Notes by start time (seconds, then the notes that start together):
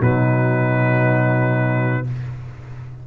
0.00 B2 F#3 D#4 B4